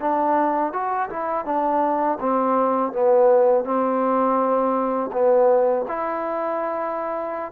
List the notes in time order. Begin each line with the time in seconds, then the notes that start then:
0.00 D4
0.73 F#4
1.10 E4
1.45 D4
2.20 C4
2.92 B3
3.64 C4
5.13 B3
5.88 E4